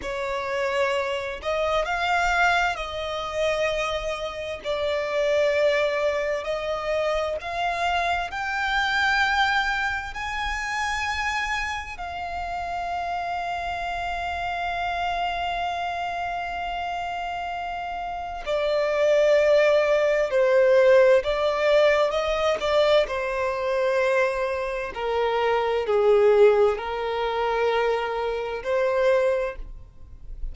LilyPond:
\new Staff \with { instrumentName = "violin" } { \time 4/4 \tempo 4 = 65 cis''4. dis''8 f''4 dis''4~ | dis''4 d''2 dis''4 | f''4 g''2 gis''4~ | gis''4 f''2.~ |
f''1 | d''2 c''4 d''4 | dis''8 d''8 c''2 ais'4 | gis'4 ais'2 c''4 | }